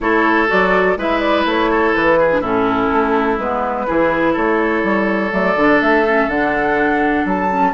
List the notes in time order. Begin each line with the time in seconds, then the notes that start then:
0.00 A3 E4 A4 C#5
0.47 F#3 F#4 D5
0.96 G#3 E4 B4 E5
1.19 D5
1.45 A3 C#5
1.70 A4
1.95 E3 B4
2.19 G#4
2.30 D4
2.39 A2 C#4 E4 A4
2.91 A3
3.38 G#3 B3 B4
3.86 E3 E4 G#4
4.33 A3 A4 C#5
4.83 G3
5.31 F#3 A3 D5
5.55 D3 D4
5.81 A3 E5
6.06 C#4
6.27 D3 D4 F#5
7.25 F#3 A5
7.49 C#4